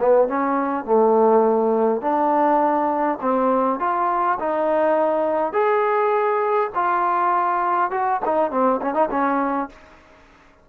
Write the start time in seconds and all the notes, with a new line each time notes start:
0.00 B3
0.28 C#4
0.85 A3
2.01 D4
3.21 C4
3.80 F4
4.40 D#4
5.53 G#4
6.75 F4
7.91 F#4
8.25 D#4
8.51 C4
8.82 C#4
8.94 D#4
9.10 C#4